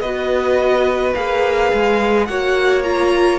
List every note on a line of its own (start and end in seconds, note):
0.00 1.13 B3
0.00 1.14 F#4
0.00 2.28 B4
0.00 1.13 D#5
1.14 1.72 A#3
1.14 2.28 G#4
1.14 2.25 F5
1.73 2.28 G#3
2.25 3.39 A#3
2.25 2.83 F#4
2.25 3.39 C#5
2.25 2.82 F#5
2.83 3.39 F4
2.83 3.39 A#5